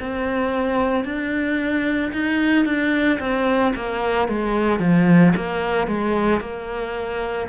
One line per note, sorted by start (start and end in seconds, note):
0.00 1.05 C4
1.05 2.12 D4
2.13 2.65 D#4
2.65 3.19 D4
3.20 3.74 C4
3.75 4.28 A#3
4.28 4.80 G#3
4.80 5.33 F3
5.36 5.87 A#3
5.87 6.40 G#3
6.40 7.48 A#3